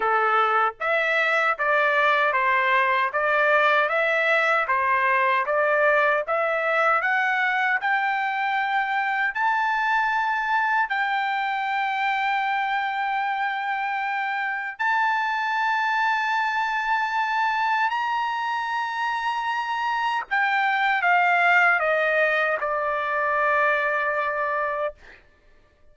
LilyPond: \new Staff \with { instrumentName = "trumpet" } { \time 4/4 \tempo 4 = 77 a'4 e''4 d''4 c''4 | d''4 e''4 c''4 d''4 | e''4 fis''4 g''2 | a''2 g''2~ |
g''2. a''4~ | a''2. ais''4~ | ais''2 g''4 f''4 | dis''4 d''2. | }